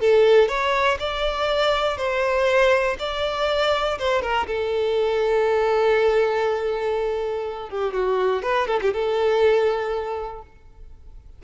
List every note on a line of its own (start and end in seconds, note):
0.00 0.48 A4
0.48 0.98 C#5
0.99 1.97 D5
1.97 2.96 C5
2.99 3.98 D5
3.98 4.22 C5
4.22 4.47 A#4
4.47 7.69 A4
7.69 7.93 G4
7.93 8.43 F#4
8.43 8.67 B4
8.67 8.80 A4
8.82 8.93 G4
8.93 10.42 A4